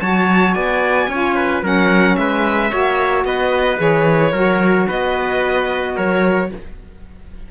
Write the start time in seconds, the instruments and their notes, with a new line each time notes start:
0.00 cello F#3, saxophone F#4, trumpet C#5, violin A5
0.53 cello B3, trumpet D5, violin G#5
1.08 cello C#4, saxophone F4, trumpet C#5
1.36 trumpet B4
1.62 cello F#3, saxophone C#4, trumpet A#4, violin F#5
2.16 cello G#3, trumpet B4, violin E5
2.70 cello A#3, saxophone F#4, trumpet C#5
3.24 cello B3, trumpet B4, violin D#5
3.77 cello E3, saxophone G#4, violin C#5
4.32 cello F#3, saxophone F#4, trumpet A#4
4.87 cello B3, trumpet B4, violin D#5
5.95 cello F#3, trumpet A#4, violin C#5